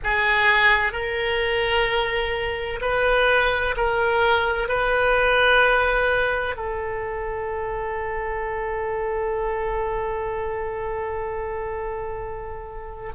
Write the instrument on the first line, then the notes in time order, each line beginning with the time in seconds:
oboe
0.03 G#4
0.92 A#4
2.81 B4
3.76 A#4
4.68 B4
6.55 A4